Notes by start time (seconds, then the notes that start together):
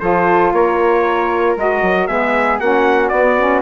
0.00 F3 F4 A4 C5
0.53 A#3 A#4 C#5
1.57 G#3 F#4 D#5
1.82 F#3
2.07 G#3 B3 G#4 E5
2.60 A#3 C#4 F#4 F#5
3.09 B3 D5
3.40 C#4